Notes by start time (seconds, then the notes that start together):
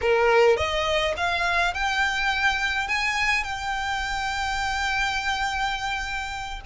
0.01 A#4
0.56 D#5
1.16 F5
1.74 G5
2.88 G#5
3.43 G5